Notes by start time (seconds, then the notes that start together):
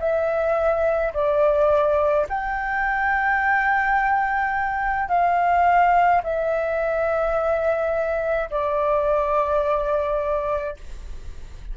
0.00 E5
1.14 D5
2.30 G5
5.09 F5
6.24 E5
8.51 D5